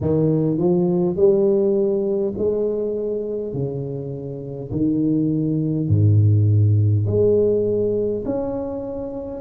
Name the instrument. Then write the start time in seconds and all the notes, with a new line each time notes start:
tuba
0.01 D#3
0.57 F3
1.16 G3
2.37 G#3
3.53 C#3
4.71 D#3
5.88 G#2
7.06 G#3
8.25 C#4